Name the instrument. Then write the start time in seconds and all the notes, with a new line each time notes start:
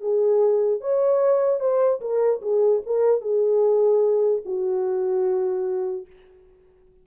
horn
0.00 G#4
0.81 C#5
1.60 C5
2.00 A#4
2.41 G#4
2.86 A#4
3.21 G#4
4.45 F#4